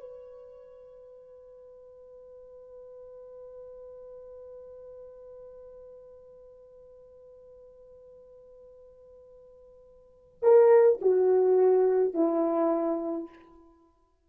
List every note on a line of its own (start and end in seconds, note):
0.00 10.38 B4
10.42 11.00 A#4
11.01 12.13 F#4
12.13 13.29 E4